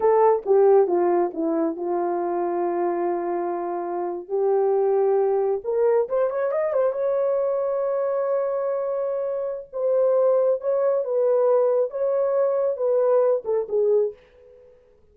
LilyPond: \new Staff \with { instrumentName = "horn" } { \time 4/4 \tempo 4 = 136 a'4 g'4 f'4 e'4 | f'1~ | f'4.~ f'16 g'2~ g'16~ | g'8. ais'4 c''8 cis''8 dis''8 c''8 cis''16~ |
cis''1~ | cis''2 c''2 | cis''4 b'2 cis''4~ | cis''4 b'4. a'8 gis'4 | }